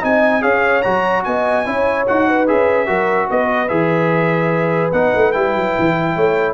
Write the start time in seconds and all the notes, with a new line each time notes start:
0.00 C4 D#4 D#5 G#5
0.41 C#4 G#4 C#5 F5
0.82 F#3 F#4 A#5
1.24 B3 D#5 G#5
1.65 C#4 E4 C#5
2.07 D#4 F#4 F#5
2.28 B4
2.47 C#4 G#4 E5
2.86 F#3 F#4 A#4
3.30 B3 B4 D#5
3.68 E3 G#4 E5
4.92 B3 D#4 F#5
5.15 A3
5.32 G3 E4 G5
5.55 F#3
5.79 E3
6.15 A3 C#5